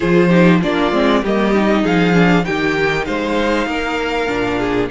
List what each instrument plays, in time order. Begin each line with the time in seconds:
0.00 cello F3, viola F4, violin G#4 C5
0.29 viola D#4, violin G4
0.61 cello A#3, viola D4, violin F4 D5
0.91 cello G#3, viola C4
1.22 cello G3, viola A#3, violin G4 D#5
1.54 viola D#4
1.82 cello F3, violin G#4 F5
2.13 viola D4
2.44 cello D#3, viola D#4, violin G4 G5
3.05 cello G#3, violin C5 F5
3.66 cello A#3, violin A#4
4.27 cello A#2, viola D4
4.58 violin G#4